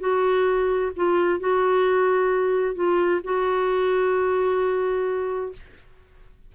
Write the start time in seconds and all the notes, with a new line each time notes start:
0.00 F#4
0.96 F4
1.40 F#4
2.75 F4
3.24 F#4